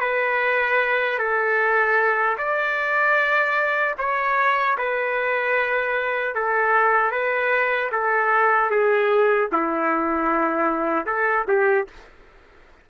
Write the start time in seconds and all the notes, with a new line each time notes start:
0.00 B4
1.18 A4
2.38 D5
3.98 C#5
4.78 B4
6.35 A4
7.12 B4
7.92 A4
8.70 G#4
9.52 E4
11.06 A4
11.48 G4